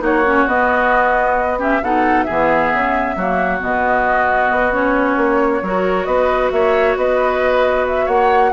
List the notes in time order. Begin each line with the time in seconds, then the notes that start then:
0.00 A#3 D#4 F#4 C#5
0.26 C#4
0.48 B3 D#5
1.59 C#4 G4 E5
1.81 B2 D#4 A4 F#5
2.24 B3 G#4 E5
2.30 E3
2.73 C#3
3.16 F#3 A#3 F#4
3.60 B2 B3 D#5
4.51 B3
4.73 C#4 C#5
5.17 A#3
5.62 F#3 F#4 A#4
6.05 B3 B4 D#5
6.52 A#3 C#5 E5
6.97 B3 B4 D#5
7.88 E5
8.06 A#3 C#5 F#5